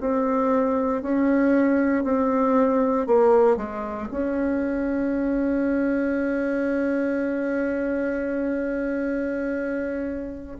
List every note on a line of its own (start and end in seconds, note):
0.00 1.02 C4
1.02 2.04 C#4
2.04 3.06 C4
3.06 3.56 A#3
3.56 4.08 G#3
4.11 10.57 C#4